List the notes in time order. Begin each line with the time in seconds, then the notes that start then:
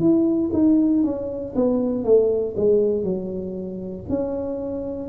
0.00 E4
0.53 D#4
1.04 C#4
1.55 B3
2.04 A3
2.57 G#3
3.04 F#3
4.09 C#4